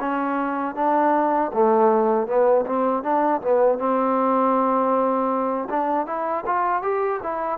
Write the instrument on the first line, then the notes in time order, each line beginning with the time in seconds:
trombone
0.00 C#4
0.76 D4
1.54 A3
2.28 B3
2.67 C4
3.03 D4
3.42 B3
3.79 C4
5.70 D4
6.07 E4
6.46 F4
6.83 G4
7.23 E4